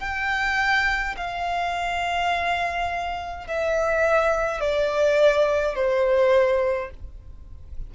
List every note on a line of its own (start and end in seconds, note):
0.00 1.15 G5
1.17 3.47 F5
3.47 4.60 E5
4.60 5.75 D5
5.75 6.91 C5